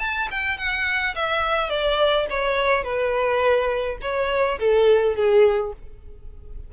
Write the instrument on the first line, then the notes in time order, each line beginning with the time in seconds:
violin
0.00 A5
0.31 G5
0.58 F#5
1.16 E5
1.70 D5
2.30 C#5
2.84 B4
4.02 C#5
4.60 A4
5.16 G#4